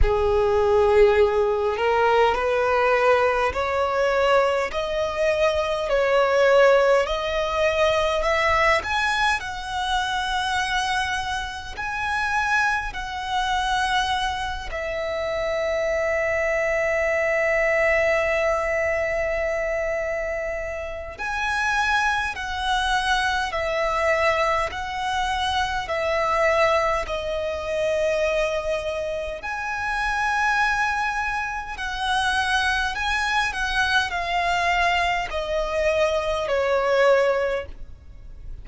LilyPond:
\new Staff \with { instrumentName = "violin" } { \time 4/4 \tempo 4 = 51 gis'4. ais'8 b'4 cis''4 | dis''4 cis''4 dis''4 e''8 gis''8 | fis''2 gis''4 fis''4~ | fis''8 e''2.~ e''8~ |
e''2 gis''4 fis''4 | e''4 fis''4 e''4 dis''4~ | dis''4 gis''2 fis''4 | gis''8 fis''8 f''4 dis''4 cis''4 | }